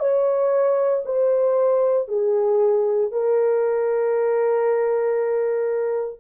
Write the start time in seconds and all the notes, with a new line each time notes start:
0.00 C#5
1.05 C5
2.08 G#4
3.12 A#4